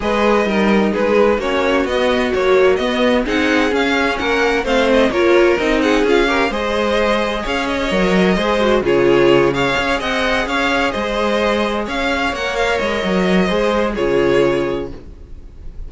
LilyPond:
<<
  \new Staff \with { instrumentName = "violin" } { \time 4/4 \tempo 4 = 129 dis''2 b'4 cis''4 | dis''4 cis''4 dis''4 fis''4 | f''4 fis''4 f''8 dis''8 cis''4 | dis''8 fis''8 f''4 dis''2 |
f''8 dis''2~ dis''8 cis''4~ | cis''8 f''4 fis''4 f''4 dis''8~ | dis''4. f''4 fis''8 f''8 dis''8~ | dis''2 cis''2 | }
  \new Staff \with { instrumentName = "violin" } { \time 4/4 b'4 ais'4 gis'4 fis'4~ | fis'2. gis'4~ | gis'4 ais'4 c''4 ais'4~ | ais'8 gis'4 ais'8 c''2 |
cis''2 c''4 gis'4~ | gis'8 cis''4 dis''4 cis''4 c''8~ | c''4. cis''2~ cis''8~ | cis''4 c''4 gis'2 | }
  \new Staff \with { instrumentName = "viola" } { \time 4/4 gis'4 dis'2 cis'4 | b4 fis4 b4 dis'4 | cis'2 c'4 f'4 | dis'4 f'8 g'8 gis'2~ |
gis'4 ais'4 gis'8 fis'8 f'4~ | f'8 gis'2.~ gis'8~ | gis'2~ gis'8 ais'4.~ | ais'4 gis'4 f'2 | }
  \new Staff \with { instrumentName = "cello" } { \time 4/4 gis4 g4 gis4 ais4 | b4 ais4 b4 c'4 | cis'4 ais4 a4 ais4 | c'4 cis'4 gis2 |
cis'4 fis4 gis4 cis4~ | cis4 cis'8 c'4 cis'4 gis8~ | gis4. cis'4 ais4 gis8 | fis4 gis4 cis2 | }
>>